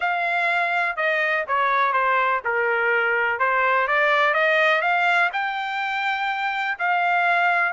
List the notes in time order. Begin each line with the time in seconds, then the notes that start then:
0.00 F5
0.96 D#5
1.47 C#5
1.92 C5
2.44 A#4
3.39 C5
3.87 D5
4.34 D#5
4.81 F5
5.32 G5
6.78 F5